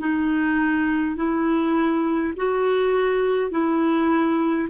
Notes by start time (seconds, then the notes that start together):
0.00 D#4
1.17 E4
2.37 F#4
3.51 E4